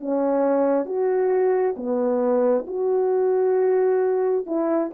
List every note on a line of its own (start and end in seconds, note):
0.00 0.85 C#4
0.85 1.75 F#4
1.76 2.66 B3
2.67 4.46 F#4
4.46 4.91 E4